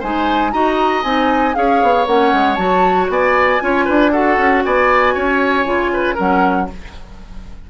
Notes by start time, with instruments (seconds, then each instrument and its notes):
0.00 bassoon G#3, clarinet D#4, oboe C5, flute G#5
0.52 bassoon D#4, clarinet F#4, oboe D#5, flute A#5
1.04 bassoon C4, clarinet D#4, flute G#5
1.55 bassoon C#4, clarinet G#4, oboe C#5, flute F5
1.82 bassoon B3
2.07 bassoon A#3, clarinet C#4, flute F#5
2.33 bassoon G#3
2.55 bassoon F#3, clarinet F#4, flute A5
3.09 bassoon B3, oboe D5, flute G#5
3.60 bassoon C#4, clarinet F4, oboe C#5
3.86 bassoon D4, oboe B4
4.12 clarinet F#4, oboe A4, flute F#5
4.38 bassoon C#4
4.64 bassoon B3, oboe D5, flute G#5
5.15 bassoon C#4, oboe C#5
5.65 bassoon C#3, clarinet F4
5.93 oboe B4
6.15 bassoon F#3, clarinet C#4, oboe A#4, flute F#5